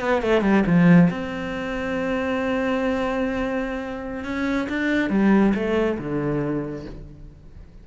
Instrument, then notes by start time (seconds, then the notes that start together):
cello
0.00 B3
0.22 A3
0.41 G3
0.66 F3
1.10 C4
4.24 C#4
4.69 D4
5.09 G3
5.54 A3
5.98 D3